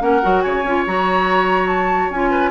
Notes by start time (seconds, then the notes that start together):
0.00 A#3 C#4 A#4 F#5
0.22 F#3 F#4
0.42 C#3 C#5 G#5
0.64 C#4 F4
0.87 F#3 F#4 A#5
1.68 A5
2.10 C#4 F4 G#5
2.31 B4